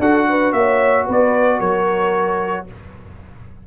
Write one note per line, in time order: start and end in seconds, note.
0.00 0.53 D4
0.00 2.67 F#4
0.00 0.28 A4
0.00 0.53 F#5
0.30 0.56 B4
0.53 1.06 A#3
0.53 1.06 C#5
0.53 1.06 E5
1.06 1.61 B3
1.06 1.60 B4
1.06 1.61 D5
1.60 2.67 F#3
1.60 2.66 A#4
1.60 2.67 C#5